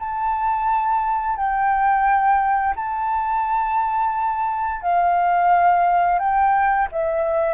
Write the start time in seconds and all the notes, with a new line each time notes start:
0.00 A5
1.37 G5
2.76 A5
4.82 F5
6.19 G5
6.92 E5